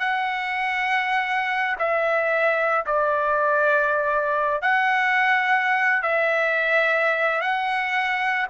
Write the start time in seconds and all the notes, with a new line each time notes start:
0.00 F#5
1.79 E5
2.86 D5
4.62 F#5
6.03 E5
7.41 F#5